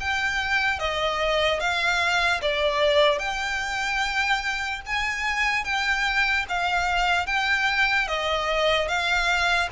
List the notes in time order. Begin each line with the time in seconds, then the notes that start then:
0.00 G5
0.80 D#5
1.60 F5
2.42 D5
3.19 G5
4.86 G#5
5.65 G5
6.49 F5
7.26 G5
8.07 D#5
8.88 F5